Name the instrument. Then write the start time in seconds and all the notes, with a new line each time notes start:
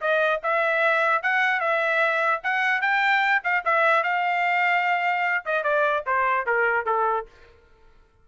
trumpet
0.00 D#5
0.43 E5
1.22 F#5
1.60 E5
2.43 F#5
2.81 G5
3.43 F5
3.65 E5
4.03 F5
5.45 D#5
5.63 D5
6.06 C5
6.46 A#4
6.85 A4